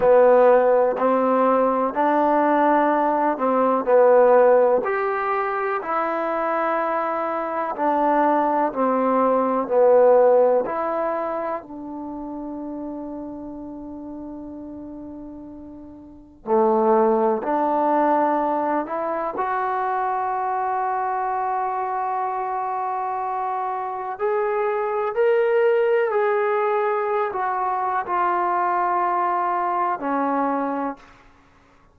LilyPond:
\new Staff \with { instrumentName = "trombone" } { \time 4/4 \tempo 4 = 62 b4 c'4 d'4. c'8 | b4 g'4 e'2 | d'4 c'4 b4 e'4 | d'1~ |
d'4 a4 d'4. e'8 | fis'1~ | fis'4 gis'4 ais'4 gis'4~ | gis'16 fis'8. f'2 cis'4 | }